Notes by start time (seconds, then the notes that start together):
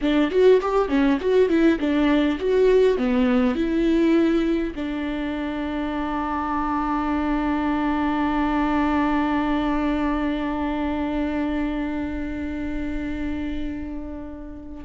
0.01 D4
0.31 F#4
0.61 G4
0.88 C#4
1.20 F#4
1.49 E4
1.79 D4
2.39 F#4
2.97 B3
3.55 E4
4.75 D4